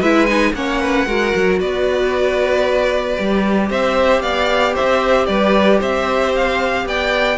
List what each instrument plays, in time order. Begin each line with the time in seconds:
0.00 cello G#3, viola E4, violin B4 E5
0.27 viola D#4, violin G#5
0.54 cello A#3, viola C#4, violin C#5 F#5
0.81 violin B4
1.07 cello G#3, viola F#4, violin A#4
1.36 cello F#3
1.60 cello B3, violin B4 D5
3.17 cello G3, viola G4
3.71 cello C4, violin C5 E5
4.22 cello B3, violin D5 F5
4.74 violin C5 E5
4.81 cello C4
5.26 cello G3, violin B4 D5
5.80 cello C4, violin C5 E5
6.36 violin F5
6.86 cello B3, violin D5 G5